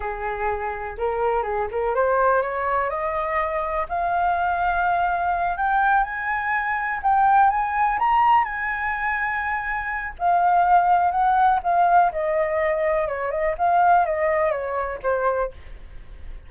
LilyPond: \new Staff \with { instrumentName = "flute" } { \time 4/4 \tempo 4 = 124 gis'2 ais'4 gis'8 ais'8 | c''4 cis''4 dis''2 | f''2.~ f''8 g''8~ | g''8 gis''2 g''4 gis''8~ |
gis''8 ais''4 gis''2~ gis''8~ | gis''4 f''2 fis''4 | f''4 dis''2 cis''8 dis''8 | f''4 dis''4 cis''4 c''4 | }